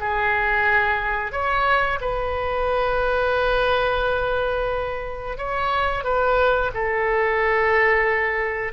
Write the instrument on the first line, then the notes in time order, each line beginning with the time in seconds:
oboe
0.00 G#4
1.32 C#5
2.01 B4
5.37 C#5
6.04 B4
6.74 A4